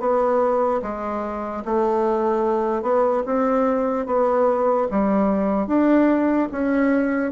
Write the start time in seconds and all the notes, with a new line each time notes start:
0.00 B3
0.82 G#3
1.65 A3
2.82 B3
3.26 C4
4.07 B3
4.91 G3
5.67 D4
6.52 C#4